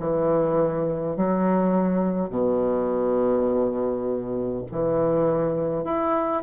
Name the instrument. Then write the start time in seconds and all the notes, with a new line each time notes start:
bassoon
0.00 E3
1.17 F#3
2.30 B2
4.72 E3
5.84 E4